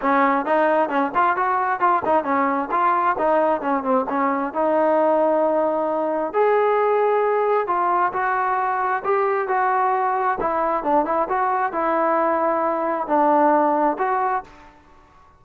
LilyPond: \new Staff \with { instrumentName = "trombone" } { \time 4/4 \tempo 4 = 133 cis'4 dis'4 cis'8 f'8 fis'4 | f'8 dis'8 cis'4 f'4 dis'4 | cis'8 c'8 cis'4 dis'2~ | dis'2 gis'2~ |
gis'4 f'4 fis'2 | g'4 fis'2 e'4 | d'8 e'8 fis'4 e'2~ | e'4 d'2 fis'4 | }